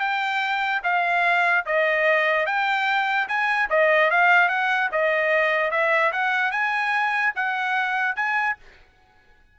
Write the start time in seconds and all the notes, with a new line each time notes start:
0.00 G5
0.84 F5
1.66 D#5
2.47 G5
3.29 G#5
3.70 D#5
4.11 F5
4.49 F#5
4.92 D#5
5.71 E5
6.13 F#5
6.52 G#5
7.36 F#5
8.16 G#5